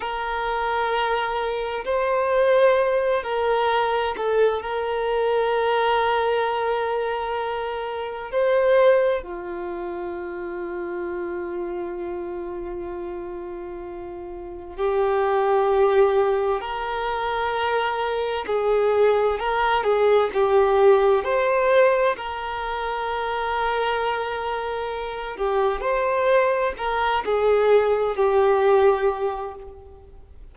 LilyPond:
\new Staff \with { instrumentName = "violin" } { \time 4/4 \tempo 4 = 65 ais'2 c''4. ais'8~ | ais'8 a'8 ais'2.~ | ais'4 c''4 f'2~ | f'1 |
g'2 ais'2 | gis'4 ais'8 gis'8 g'4 c''4 | ais'2.~ ais'8 g'8 | c''4 ais'8 gis'4 g'4. | }